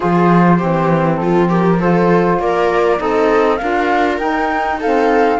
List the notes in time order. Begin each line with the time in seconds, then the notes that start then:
0.00 F3 F4 G#4 C5
0.57 E3 C4 G4
1.16 F3 A4
1.22 F4
1.49 G4 A#4
1.79 F4 A4 C5
2.39 A#3 A#4 D5
2.97 C4 D#4 A4 D#5
3.56 D4 F4 A#4 F5
4.18 D#4 G5
4.79 C4 A4 F5